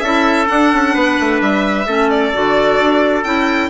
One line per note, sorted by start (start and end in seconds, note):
0.00 0.47 C#4
0.00 0.47 E4
0.00 0.94 A4
0.00 0.46 E5
0.47 1.85 D4
0.47 0.74 D4
0.47 1.41 F#5
0.74 0.95 C#4
0.94 1.18 B3
0.94 1.87 B4
1.20 1.42 A3
1.42 1.87 G3
1.42 2.10 E5
1.87 2.33 A3
1.87 2.33 C#4
1.87 3.70 A4
2.10 3.24 D5
2.33 2.80 D3
2.33 3.24 F#4
2.80 3.25 D4
3.24 3.70 C#4
3.24 3.70 E4
3.24 3.70 G5